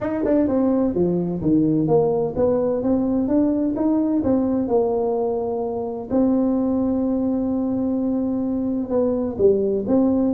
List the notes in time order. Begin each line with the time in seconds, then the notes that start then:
0.01 D#4
0.25 D4
0.47 C4
0.94 F3
1.41 D#3
1.87 A#3
2.36 B3
2.82 C4
3.27 D4
3.75 D#4
4.23 C4
4.68 A#3
6.10 C4
8.89 B3
9.38 G3
9.87 C4